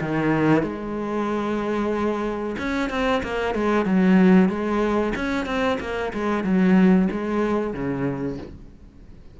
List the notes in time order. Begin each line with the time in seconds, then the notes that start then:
0.00 D#3
0.62 G#3
2.58 C#4
2.89 C4
3.23 A#3
3.54 G#3
3.85 F#3
4.49 G#3
5.15 C#4
5.46 C4
5.80 A#3
6.13 G#3
6.43 F#3
7.11 G#3
7.73 C#3